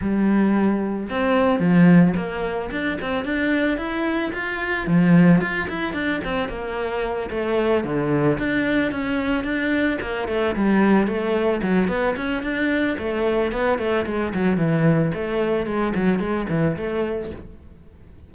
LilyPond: \new Staff \with { instrumentName = "cello" } { \time 4/4 \tempo 4 = 111 g2 c'4 f4 | ais4 d'8 c'8 d'4 e'4 | f'4 f4 f'8 e'8 d'8 c'8 | ais4. a4 d4 d'8~ |
d'8 cis'4 d'4 ais8 a8 g8~ | g8 a4 fis8 b8 cis'8 d'4 | a4 b8 a8 gis8 fis8 e4 | a4 gis8 fis8 gis8 e8 a4 | }